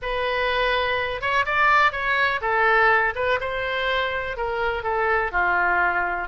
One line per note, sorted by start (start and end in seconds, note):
0.02 1.21 B4
1.21 1.45 C#5
1.45 1.91 D5
1.91 2.40 C#5
2.41 3.13 A4
3.15 3.39 B4
3.40 4.36 C5
4.36 4.83 A#4
4.83 5.31 A4
5.31 6.28 F4